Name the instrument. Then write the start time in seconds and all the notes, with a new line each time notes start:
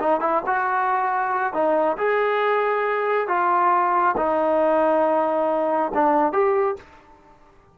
trombone
0.00 D#4
0.21 E4
0.46 F#4
1.53 D#4
1.97 G#4
3.28 F4
4.17 D#4
5.94 D4
6.33 G4